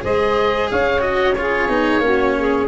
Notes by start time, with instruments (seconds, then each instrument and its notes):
0.00 tuba G#3, cello G#4, saxophone C5, oboe D#5
0.70 tuba C#4, saxophone C#5, oboe F5
1.00 cello F#4, oboe D#5
1.34 cello F4, saxophone G#4, oboe C#5
1.68 tuba B3, cello D#4
1.99 tuba A#3, cello C#4, saxophone F#4
2.38 saxophone G#4